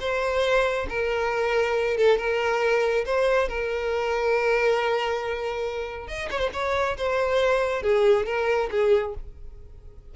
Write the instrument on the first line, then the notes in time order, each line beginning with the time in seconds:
violin
0.00 C5
0.89 A#4
1.97 A4
2.18 A#4
3.06 C5
3.48 A#4
6.08 D#5
6.31 C#5
6.39 C5
6.54 C#5
6.97 C5
7.83 G#4
8.26 A#4
8.71 G#4